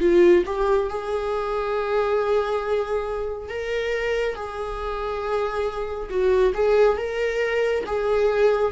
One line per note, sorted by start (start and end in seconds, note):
0.00 0.43 F4
0.45 0.89 G4
0.89 3.49 G#4
3.49 4.35 A#4
4.35 6.09 G#4
6.09 6.53 F#4
6.54 6.97 G#4
6.97 7.84 A#4
7.86 8.72 G#4